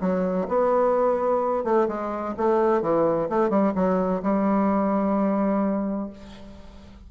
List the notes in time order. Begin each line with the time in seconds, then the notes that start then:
0.00 F#3
0.48 B3
1.64 A3
1.88 G#3
2.37 A3
2.81 E3
3.29 A3
3.49 G3
3.74 F#3
4.22 G3